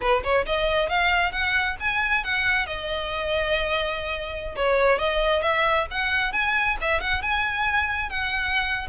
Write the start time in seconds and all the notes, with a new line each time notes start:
0.01 B4
0.23 C#5
0.45 D#5
0.89 F5
1.32 F#5
1.79 G#5
2.24 F#5
2.66 D#5
4.56 C#5
4.98 D#5
5.42 E5
5.91 F#5
6.32 G#5
6.81 E5
7.00 F#5
7.22 G#5
8.09 F#5